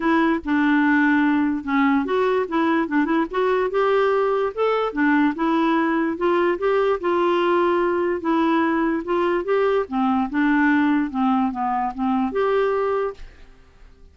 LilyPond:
\new Staff \with { instrumentName = "clarinet" } { \time 4/4 \tempo 4 = 146 e'4 d'2. | cis'4 fis'4 e'4 d'8 e'8 | fis'4 g'2 a'4 | d'4 e'2 f'4 |
g'4 f'2. | e'2 f'4 g'4 | c'4 d'2 c'4 | b4 c'4 g'2 | }